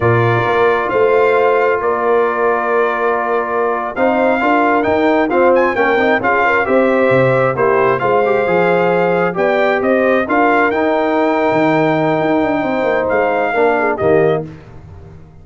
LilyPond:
<<
  \new Staff \with { instrumentName = "trumpet" } { \time 4/4 \tempo 4 = 133 d''2 f''2 | d''1~ | d''8. f''2 g''4 f''16~ | f''16 gis''8 g''4 f''4 e''4~ e''16~ |
e''8. c''4 f''2~ f''16~ | f''8. g''4 dis''4 f''4 g''16~ | g''1~ | g''4 f''2 dis''4 | }
  \new Staff \with { instrumentName = "horn" } { \time 4/4 ais'2 c''2 | ais'1~ | ais'8. c''4 ais'2 c''16~ | c''8. ais'4 gis'8 ais'8 c''4~ c''16~ |
c''8. g'4 c''2~ c''16~ | c''8. d''4 c''4 ais'4~ ais'16~ | ais'1 | c''2 ais'8 gis'8 g'4 | }
  \new Staff \with { instrumentName = "trombone" } { \time 4/4 f'1~ | f'1~ | f'8. dis'4 f'4 dis'4 c'16~ | c'8. cis'8 dis'8 f'4 g'4~ g'16~ |
g'8. e'4 f'8 g'8 gis'4~ gis'16~ | gis'8. g'2 f'4 dis'16~ | dis'1~ | dis'2 d'4 ais4 | }
  \new Staff \with { instrumentName = "tuba" } { \time 4/4 ais,4 ais4 a2 | ais1~ | ais8. c'4 d'4 dis'4 f'16~ | f'8. ais8 c'8 cis'4 c'4 c16~ |
c8. ais4 gis4 f4~ f16~ | f8. b4 c'4 d'4 dis'16~ | dis'4. dis4. dis'8 d'8 | c'8 ais8 gis4 ais4 dis4 | }
>>